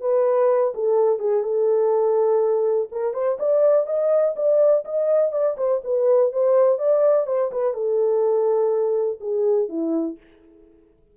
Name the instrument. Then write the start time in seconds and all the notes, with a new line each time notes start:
horn
0.00 B4
0.74 A4
1.19 G#4
1.43 A4
2.91 A#4
3.13 C5
3.39 D5
3.86 D#5
4.36 D5
4.84 D#5
5.32 D5
5.57 C5
5.83 B4
6.32 C5
6.78 D5
7.26 C5
7.51 B4
7.73 A4
9.20 G#4
9.68 E4